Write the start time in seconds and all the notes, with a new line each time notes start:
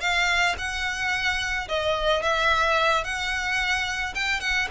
0.00 F5
0.58 F#5
1.68 D#5
2.22 E5
3.04 F#5
4.15 G5
4.40 F#5